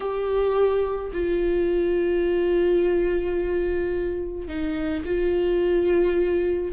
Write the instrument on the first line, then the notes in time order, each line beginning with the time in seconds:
viola
0.00 G4
1.12 F4
4.47 D#4
5.05 F4